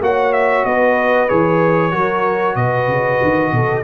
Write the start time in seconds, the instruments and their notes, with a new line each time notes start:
0.00 tuba A#3, trombone F#4, horn C#5, trumpet F#5
0.33 trumpet E5
0.65 tuba B3, horn B4, trumpet D#5
1.28 tuba E3, trombone G#4, trumpet C#5
1.91 tuba F#3, trombone F#4, horn A#4
2.55 tuba B2, horn B4, trumpet D#5
2.87 tuba C#3
3.22 tuba D#3
3.52 tuba B2, horn A4